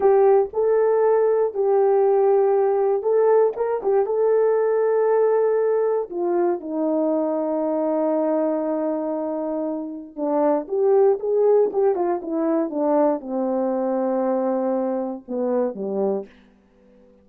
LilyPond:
\new Staff \with { instrumentName = "horn" } { \time 4/4 \tempo 4 = 118 g'4 a'2 g'4~ | g'2 a'4 ais'8 g'8 | a'1 | f'4 dis'2.~ |
dis'1 | d'4 g'4 gis'4 g'8 f'8 | e'4 d'4 c'2~ | c'2 b4 g4 | }